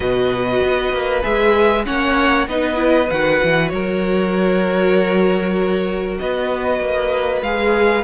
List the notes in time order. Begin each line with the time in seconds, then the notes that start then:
0.00 B2 F#4 B4 D#5
0.62 B3
0.93 A#3
1.22 G#3 G#4 E5
1.84 A#3 C#4 C#5 F#5
2.47 B3 D#4 B4 D#5
2.75 E4
3.09 D#3 F#4 F#5
3.43 E3
3.69 F#3 A#4 C#5
6.18 B3 B4 D#5
6.80 A#3
7.41 G#3 G#4 F5